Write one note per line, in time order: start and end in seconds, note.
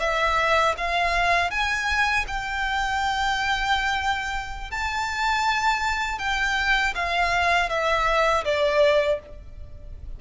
0.00 0.75 E5
0.77 1.51 F5
1.51 2.26 G#5
2.27 4.71 G5
4.71 6.19 A5
6.19 6.94 G5
6.95 7.69 F5
7.69 8.44 E5
8.44 9.19 D5